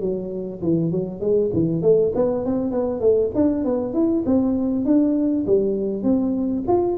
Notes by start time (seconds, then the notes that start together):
0.00 F#3
0.61 E3
0.91 F#3
1.20 G#3
1.53 E3
1.82 A3
2.15 B3
2.45 C4
2.71 B3
3.01 A3
3.35 D4
3.64 B3
3.94 E4
4.26 C4
4.85 D4
5.47 G3
6.03 C4
6.68 F4